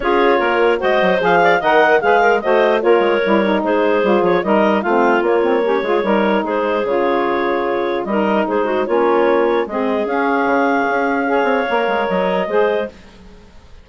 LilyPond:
<<
  \new Staff \with { instrumentName = "clarinet" } { \time 4/4 \tempo 4 = 149 cis''2 dis''4 f''4 | fis''4 f''4 dis''4 cis''4~ | cis''4 c''4. cis''8 dis''4 | f''4 cis''2. |
c''4 cis''2. | dis''4 c''4 cis''2 | dis''4 f''2.~ | f''2 dis''2 | }
  \new Staff \with { instrumentName = "clarinet" } { \time 4/4 gis'4 ais'4 c''4. d''8 | dis''4 b'8 ais'8 c''4 ais'4~ | ais'4 gis'2 ais'4 | f'2 g'8 gis'8 ais'4 |
gis'1 | ais'4 gis'8 fis'8 f'2 | gis'1 | cis''2. c''4 | }
  \new Staff \with { instrumentName = "saxophone" } { \time 4/4 f'2 fis'4 gis'4 | ais'4 gis'4 fis'4 f'4 | e'8 dis'4. f'4 dis'4 | c'4 ais8 c'8 cis'8 f'8 dis'4~ |
dis'4 f'2. | dis'2 cis'2 | c'4 cis'2. | gis'4 ais'2 gis'4 | }
  \new Staff \with { instrumentName = "bassoon" } { \time 4/4 cis'4 ais4 gis8 fis8 f4 | dis4 gis4 a4 ais8 gis8 | g4 gis4 g8 f8 g4 | a4 ais4. gis8 g4 |
gis4 cis2. | g4 gis4 ais2 | gis4 cis'4 cis4 cis'4~ | cis'8 c'8 ais8 gis8 fis4 gis4 | }
>>